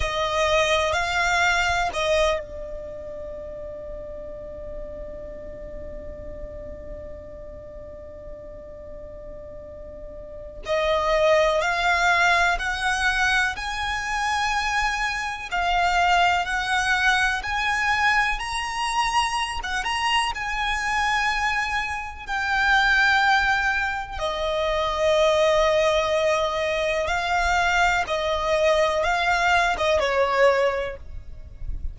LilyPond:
\new Staff \with { instrumentName = "violin" } { \time 4/4 \tempo 4 = 62 dis''4 f''4 dis''8 d''4.~ | d''1~ | d''2. dis''4 | f''4 fis''4 gis''2 |
f''4 fis''4 gis''4 ais''4~ | ais''16 fis''16 ais''8 gis''2 g''4~ | g''4 dis''2. | f''4 dis''4 f''8. dis''16 cis''4 | }